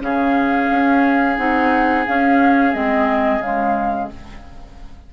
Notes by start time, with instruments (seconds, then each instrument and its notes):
0.00 bassoon C#3, clarinet C#4, oboe G#4, flute F5
0.71 bassoon C#4
1.37 bassoon C4, clarinet D#4, flute F#5
2.06 clarinet C#4, bassoon C#4, flute F5
2.73 bassoon G#3, clarinet C4, flute D#5
3.39 bassoon C#3, clarinet G#3, flute F5